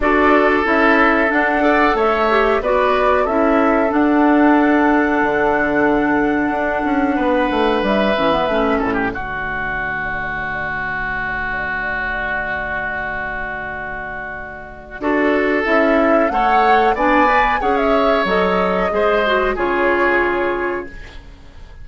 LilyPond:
<<
  \new Staff \with { instrumentName = "flute" } { \time 4/4 \tempo 4 = 92 d''4 e''4 fis''4 e''4 | d''4 e''4 fis''2~ | fis''1 | e''4. d''2~ d''8~ |
d''1~ | d''1 | e''4 fis''4 gis''4 fis''16 e''8. | dis''2 cis''2 | }
  \new Staff \with { instrumentName = "oboe" } { \time 4/4 a'2~ a'8 d''8 cis''4 | b'4 a'2.~ | a'2. b'4~ | b'4. a'16 g'16 fis'2~ |
fis'1~ | fis'2. a'4~ | a'4 cis''4 d''4 cis''4~ | cis''4 c''4 gis'2 | }
  \new Staff \with { instrumentName = "clarinet" } { \time 4/4 fis'4 e'4 d'8 a'4 g'8 | fis'4 e'4 d'2~ | d'1~ | d'8 cis'16 b16 cis'4 a2~ |
a1~ | a2. fis'4 | e'4 a'4 d'8 b'8 gis'4 | a'4 gis'8 fis'8 f'2 | }
  \new Staff \with { instrumentName = "bassoon" } { \time 4/4 d'4 cis'4 d'4 a4 | b4 cis'4 d'2 | d2 d'8 cis'8 b8 a8 | g8 e8 a8 a,8 d2~ |
d1~ | d2. d'4 | cis'4 a4 b4 cis'4 | fis4 gis4 cis2 | }
>>